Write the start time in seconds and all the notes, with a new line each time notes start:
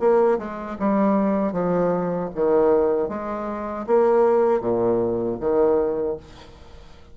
0.00 A#3
0.39 G#3
0.80 G3
1.53 F3
2.35 D#3
3.09 G#3
3.87 A#3
4.61 A#2
5.40 D#3